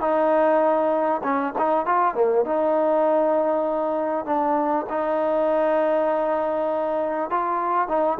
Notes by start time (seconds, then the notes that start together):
0.00 D#4
1.23 C#4
1.58 D#4
1.86 F4
2.14 A#3
2.45 D#4
4.25 D4
4.89 D#4
7.30 F4
7.88 D#4